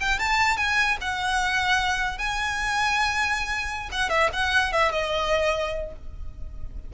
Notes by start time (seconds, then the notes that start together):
0.00 G5
0.19 A5
0.57 G#5
1.01 F#5
2.18 G#5
3.92 F#5
4.09 E5
4.33 F#5
4.72 E5
4.92 D#5